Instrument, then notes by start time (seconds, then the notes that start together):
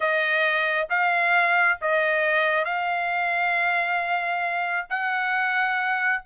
trumpet
0.00 D#5
0.89 F5
1.81 D#5
2.64 F5
4.89 F#5